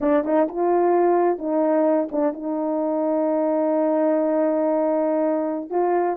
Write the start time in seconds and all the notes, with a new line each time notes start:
0.01 D4
0.24 D#4
0.48 F4
1.38 D#4
2.11 D4
2.33 D#4
5.70 F4